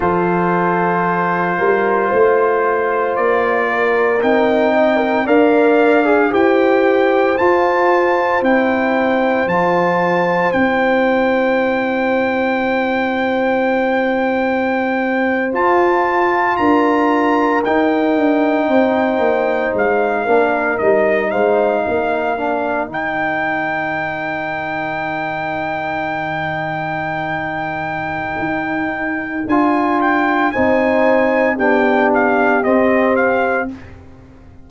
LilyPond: <<
  \new Staff \with { instrumentName = "trumpet" } { \time 4/4 \tempo 4 = 57 c''2. d''4 | g''4 f''4 g''4 a''4 | g''4 a''4 g''2~ | g''2~ g''8. a''4 ais''16~ |
ais''8. g''2 f''4 dis''16~ | dis''16 f''4. g''2~ g''16~ | g''1 | gis''8 g''8 gis''4 g''8 f''8 dis''8 f''8 | }
  \new Staff \with { instrumentName = "horn" } { \time 4/4 a'4. ais'8 c''4. ais'8~ | ais'8 dis''16 ais'16 d''4 c''2~ | c''1~ | c''2.~ c''8. ais'16~ |
ais'4.~ ais'16 c''4. ais'8.~ | ais'16 c''8 ais'2.~ ais'16~ | ais'1~ | ais'4 c''4 g'2 | }
  \new Staff \with { instrumentName = "trombone" } { \time 4/4 f'1 | dis'4 ais'8. gis'16 g'4 f'4 | e'4 f'4 e'2~ | e'2~ e'8. f'4~ f'16~ |
f'8. dis'2~ dis'8 d'8 dis'16~ | dis'4~ dis'16 d'8 dis'2~ dis'16~ | dis'1 | f'4 dis'4 d'4 c'4 | }
  \new Staff \with { instrumentName = "tuba" } { \time 4/4 f4. g8 a4 ais4 | c'4 d'4 e'4 f'4 | c'4 f4 c'2~ | c'2~ c'8. f'4 d'16~ |
d'8. dis'8 d'8 c'8 ais8 gis8 ais8 g16~ | g16 gis8 ais4 dis2~ dis16~ | dis2. dis'4 | d'4 c'4 b4 c'4 | }
>>